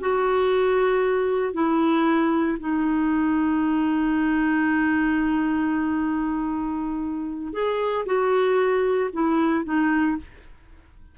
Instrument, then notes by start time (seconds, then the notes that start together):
clarinet
0.00 F#4
1.53 E4
2.59 D#4
7.53 G#4
8.05 F#4
9.13 E4
9.65 D#4